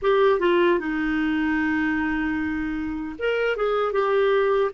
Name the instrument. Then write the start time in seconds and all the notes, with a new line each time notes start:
clarinet
0.01 G4
0.39 F4
0.79 D#4
3.18 A#4
3.56 G#4
3.92 G4